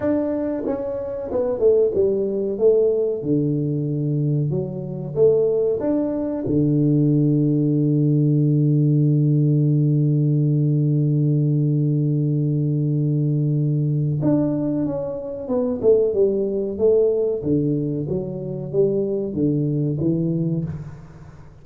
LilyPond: \new Staff \with { instrumentName = "tuba" } { \time 4/4 \tempo 4 = 93 d'4 cis'4 b8 a8 g4 | a4 d2 fis4 | a4 d'4 d2~ | d1~ |
d1~ | d2 d'4 cis'4 | b8 a8 g4 a4 d4 | fis4 g4 d4 e4 | }